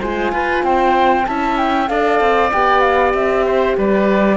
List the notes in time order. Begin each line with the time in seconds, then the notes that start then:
0.00 G#3 F4 C5 G#5
0.32 F4 B4
0.62 C4 C5 G5
1.26 C#4 E4 E5 A5
1.57 G5
1.88 D4 A4 D5 F5
2.20 C4
2.52 B3 G4 G5
2.80 F5
3.13 C4 E5
3.45 C5
3.77 G3 B4 D5